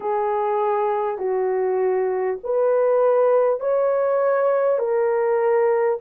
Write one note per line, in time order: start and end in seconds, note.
0.00 1.17 G#4
1.17 2.37 F#4
2.43 3.59 B4
3.59 4.78 C#5
4.78 5.98 A#4